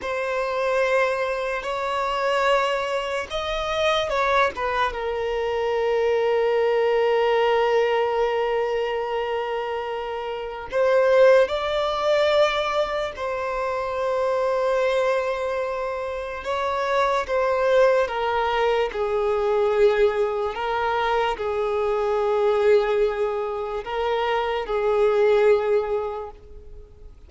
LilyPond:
\new Staff \with { instrumentName = "violin" } { \time 4/4 \tempo 4 = 73 c''2 cis''2 | dis''4 cis''8 b'8 ais'2~ | ais'1~ | ais'4 c''4 d''2 |
c''1 | cis''4 c''4 ais'4 gis'4~ | gis'4 ais'4 gis'2~ | gis'4 ais'4 gis'2 | }